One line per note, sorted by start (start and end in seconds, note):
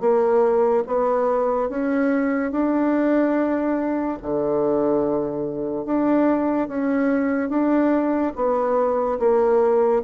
0.00 0.83 A#3
0.86 1.69 B3
1.69 2.52 C#4
2.52 4.18 D4
4.22 5.85 D3
5.85 6.68 D4
6.68 7.49 C#4
7.49 8.33 D4
8.36 9.19 B3
9.19 10.02 A#3